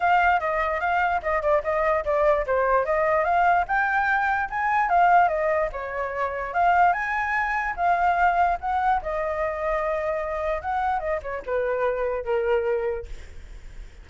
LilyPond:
\new Staff \with { instrumentName = "flute" } { \time 4/4 \tempo 4 = 147 f''4 dis''4 f''4 dis''8 d''8 | dis''4 d''4 c''4 dis''4 | f''4 g''2 gis''4 | f''4 dis''4 cis''2 |
f''4 gis''2 f''4~ | f''4 fis''4 dis''2~ | dis''2 fis''4 dis''8 cis''8 | b'2 ais'2 | }